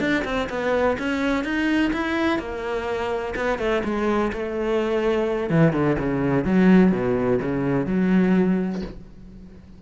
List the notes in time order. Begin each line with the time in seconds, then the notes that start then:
0.00 D4
0.25 C4
0.49 B3
0.99 C#4
1.44 D#4
1.93 E4
2.39 A#3
3.36 B3
3.59 A3
3.84 G#3
4.33 A3
5.50 E3
5.73 D3
5.99 C#3
6.45 F#3
6.92 B2
7.41 C#3
7.87 F#3